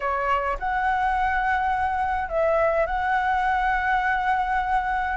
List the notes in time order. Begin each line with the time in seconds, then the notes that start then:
0.00 C#5
0.59 F#5
2.28 E5
2.86 F#5